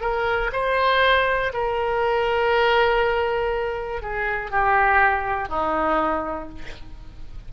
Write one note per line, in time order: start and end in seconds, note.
0.00 0.50 A#4
0.52 1.52 C5
1.53 4.01 A#4
4.01 4.50 G#4
4.50 5.49 G4
5.49 6.49 D#4